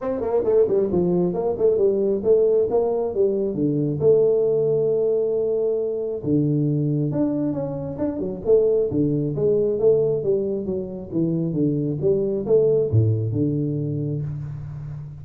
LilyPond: \new Staff \with { instrumentName = "tuba" } { \time 4/4 \tempo 4 = 135 c'8 ais8 a8 g8 f4 ais8 a8 | g4 a4 ais4 g4 | d4 a2.~ | a2 d2 |
d'4 cis'4 d'8 fis8 a4 | d4 gis4 a4 g4 | fis4 e4 d4 g4 | a4 a,4 d2 | }